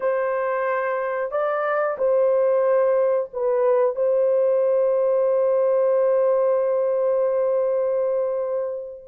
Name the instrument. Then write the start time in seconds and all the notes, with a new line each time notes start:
horn
0.00 C5
1.31 D5
1.98 C5
3.33 B4
3.95 C5